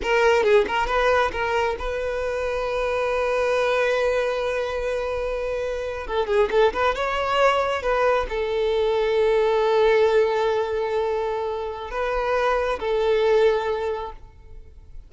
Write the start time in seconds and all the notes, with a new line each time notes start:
0.02 A#4
0.43 G#4
0.67 A#4
0.87 B4
1.32 A#4
1.78 B4
6.07 A4
6.26 G#4
6.51 A4
6.73 B4
6.95 C#5
7.82 B4
8.29 A4
11.90 B4
12.79 A4